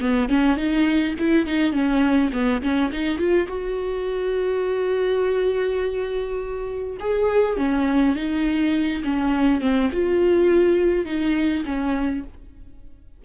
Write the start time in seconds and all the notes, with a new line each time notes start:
0.00 B3
0.29 C#4
0.56 D#4
1.19 E4
1.46 D#4
1.72 C#4
2.32 B3
2.62 C#4
2.92 D#4
3.18 F4
3.48 F#4
7.00 G#4
7.57 C#4
8.15 D#4
9.04 C#4
9.61 C4
9.92 F4
11.05 D#4
11.65 C#4